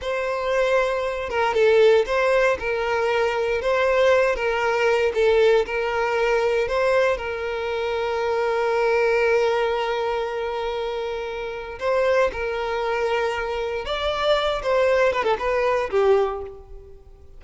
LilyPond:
\new Staff \with { instrumentName = "violin" } { \time 4/4 \tempo 4 = 117 c''2~ c''8 ais'8 a'4 | c''4 ais'2 c''4~ | c''8 ais'4. a'4 ais'4~ | ais'4 c''4 ais'2~ |
ais'1~ | ais'2. c''4 | ais'2. d''4~ | d''8 c''4 b'16 a'16 b'4 g'4 | }